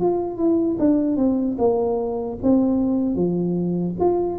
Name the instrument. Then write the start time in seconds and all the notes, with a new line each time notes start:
tuba
0.00 F4
0.37 E4
0.79 D4
1.16 C4
1.58 A#3
2.42 C4
3.15 F3
4.00 F4